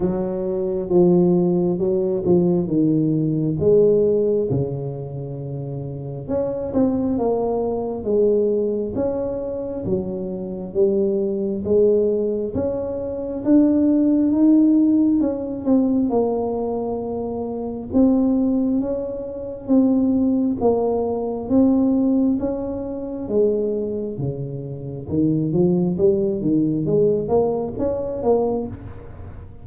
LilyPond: \new Staff \with { instrumentName = "tuba" } { \time 4/4 \tempo 4 = 67 fis4 f4 fis8 f8 dis4 | gis4 cis2 cis'8 c'8 | ais4 gis4 cis'4 fis4 | g4 gis4 cis'4 d'4 |
dis'4 cis'8 c'8 ais2 | c'4 cis'4 c'4 ais4 | c'4 cis'4 gis4 cis4 | dis8 f8 g8 dis8 gis8 ais8 cis'8 ais8 | }